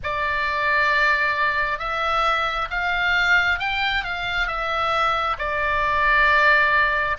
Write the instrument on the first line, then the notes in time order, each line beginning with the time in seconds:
oboe
0.03 D5
1.78 E5
2.70 F5
3.59 G5
4.03 F5
4.47 E5
5.38 D5